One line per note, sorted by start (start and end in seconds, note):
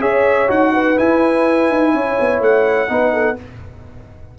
0.00 0.48 C#4
0.00 0.47 G#4
0.00 0.72 C#5
0.00 0.49 E5
0.47 0.97 D#4
0.47 0.95 F#4
0.47 0.98 F#5
0.73 1.93 B4
0.96 2.88 E4
0.96 1.70 E4
0.96 2.42 G#5
1.70 1.94 D#4
1.94 2.18 C#4
1.94 2.90 C#5
2.20 2.40 B3
2.40 2.88 A3
2.40 3.39 F#5
2.88 3.38 B3
2.88 3.36 D#4
2.88 3.13 B4
3.13 3.37 A4